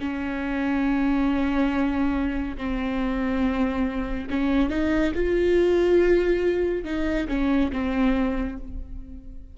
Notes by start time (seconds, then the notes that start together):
0.00 C#4
2.58 C4
4.30 C#4
4.70 D#4
5.15 F4
6.85 D#4
7.29 C#4
7.72 C4